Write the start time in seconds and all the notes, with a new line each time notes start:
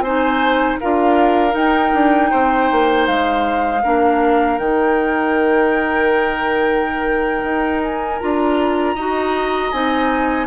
0.00 C4 D#4 C5 G#5
0.80 D4 F4 A#4 F5
1.51 D#4 G5
1.94 D4
2.31 C4 C5
2.71 A#3
3.07 G#3 F5
3.83 A#3 D4 A#4
4.59 D#3 D#4 G5
7.44 D#4
7.83 G#5
8.20 D4 F4 A#5
8.95 D#4 F#4 D#5
9.72 C4 D#4 G#5